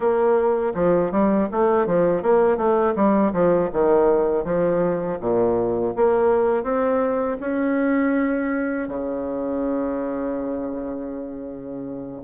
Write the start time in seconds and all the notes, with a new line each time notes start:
0.00 A#3
0.74 F3
1.11 G3
1.52 A3
1.86 F3
2.22 A#3
2.57 A3
2.95 G3
3.32 F3
3.72 D#3
4.44 F3
5.20 A#2
5.96 A#3
6.63 C4
7.40 C#4
8.88 C#3